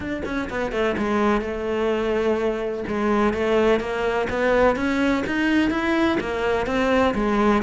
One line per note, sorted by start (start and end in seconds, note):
0.00 0.22 D4
0.25 0.49 C#4
0.49 0.71 B3
0.71 0.95 A3
0.97 1.41 G#3
1.41 2.84 A3
2.87 3.33 G#3
3.33 3.80 A3
3.80 4.27 A#3
4.29 4.76 B3
4.76 5.23 C#4
5.26 5.70 D#4
5.70 6.18 E4
6.20 6.66 A#3
6.66 7.14 C4
7.14 7.62 G#3